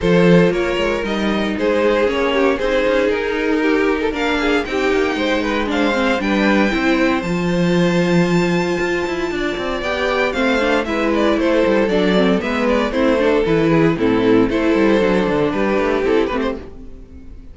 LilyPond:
<<
  \new Staff \with { instrumentName = "violin" } { \time 4/4 \tempo 4 = 116 c''4 cis''4 dis''4 c''4 | cis''4 c''4 ais'2 | f''4 g''2 f''4 | g''2 a''2~ |
a''2. g''4 | f''4 e''8 d''8 c''4 d''4 | e''8 d''8 c''4 b'4 a'4 | c''2 b'4 a'8 b'16 c''16 | }
  \new Staff \with { instrumentName = "violin" } { \time 4/4 a'4 ais'2 gis'4~ | gis'8 g'8 gis'2 g'8. a'16 | ais'8 gis'8 g'4 c''8 b'8 c''4 | b'4 c''2.~ |
c''2 d''2 | c''4 b'4 a'2 | b'4 e'8 a'4 gis'8 e'4 | a'2 g'2 | }
  \new Staff \with { instrumentName = "viola" } { \time 4/4 f'2 dis'2 | cis'4 dis'2. | d'4 dis'2 d'8 c'8 | d'4 e'4 f'2~ |
f'2. g'4 | c'8 d'8 e'2 d'8 c'8 | b4 c'8 d'8 e'4 c'4 | e'4 d'2 e'8 c'8 | }
  \new Staff \with { instrumentName = "cello" } { \time 4/4 f4 ais8 gis8 g4 gis4 | ais4 c'8 cis'8 dis'2 | ais4 c'8 ais8 gis2 | g4 c'4 f2~ |
f4 f'8 e'8 d'8 c'8 b4 | a4 gis4 a8 g8 fis4 | gis4 a4 e4 a,4 | a8 g8 fis8 d8 g8 a8 c'8 a8 | }
>>